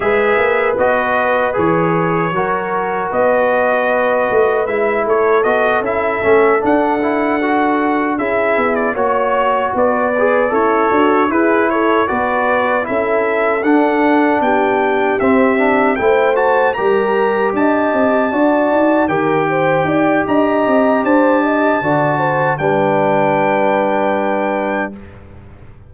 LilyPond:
<<
  \new Staff \with { instrumentName = "trumpet" } { \time 4/4 \tempo 4 = 77 e''4 dis''4 cis''2 | dis''2 e''8 cis''8 dis''8 e''8~ | e''8 fis''2 e''8. d''16 cis''8~ | cis''8 d''4 cis''4 b'8 cis''8 d''8~ |
d''8 e''4 fis''4 g''4 e''8~ | e''8 g''8 a''8 ais''4 a''4.~ | a''8 g''4. ais''4 a''4~ | a''4 g''2. | }
  \new Staff \with { instrumentName = "horn" } { \time 4/4 b'2. ais'4 | b'2~ b'8 a'4.~ | a'2~ a'8 gis'4 cis''8~ | cis''8 b'4 e'8 fis'8 gis'8 a'8 b'8~ |
b'8 a'2 g'4.~ | g'8 c''4 ais'4 dis''4 d''8~ | d''8 ais'8 c''8 d''8 dis''4 c''8 dis''8 | d''8 c''8 b'2. | }
  \new Staff \with { instrumentName = "trombone" } { \time 4/4 gis'4 fis'4 gis'4 fis'4~ | fis'2 e'4 fis'8 e'8 | cis'8 d'8 e'8 fis'4 e'4 fis'8~ | fis'4 gis'8 a'4 e'4 fis'8~ |
fis'8 e'4 d'2 c'8 | d'8 e'8 fis'8 g'2 fis'8~ | fis'8 g'2.~ g'8 | fis'4 d'2. | }
  \new Staff \with { instrumentName = "tuba" } { \time 4/4 gis8 ais8 b4 e4 fis4 | b4. a8 gis8 a8 b8 cis'8 | a8 d'2 cis'8 b8 ais8~ | ais8 b4 cis'8 d'8 e'4 b8~ |
b8 cis'4 d'4 b4 c'8~ | c'8 a4 g4 d'8 c'8 d'8 | dis'8 dis4 dis'8 d'8 c'8 d'4 | d4 g2. | }
>>